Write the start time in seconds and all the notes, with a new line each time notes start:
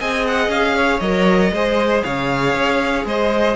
0.00 C4 G#4 D#5 G#5
0.27 F#5
0.49 C#4 F5
0.76 C#5
1.00 F#3 A#4 D#5
1.52 G#3 G#4 C5
2.03 C#3 C#5 F5
2.54 C#4
3.05 G#3 C5 D#5